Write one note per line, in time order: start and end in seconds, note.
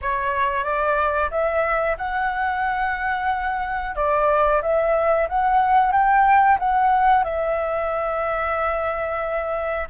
0.01 0.64 C#5
0.64 1.29 D5
1.30 1.96 E5
1.98 3.95 F#5
3.95 4.61 D5
4.62 5.27 E5
5.29 5.92 F#5
5.92 6.58 G5
6.59 7.23 F#5
7.23 9.87 E5